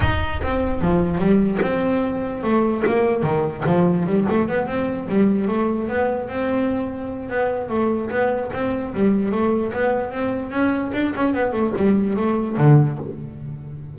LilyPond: \new Staff \with { instrumentName = "double bass" } { \time 4/4 \tempo 4 = 148 dis'4 c'4 f4 g4 | c'2 a4 ais4 | dis4 f4 g8 a8 b8 c'8~ | c'8 g4 a4 b4 c'8~ |
c'2 b4 a4 | b4 c'4 g4 a4 | b4 c'4 cis'4 d'8 cis'8 | b8 a8 g4 a4 d4 | }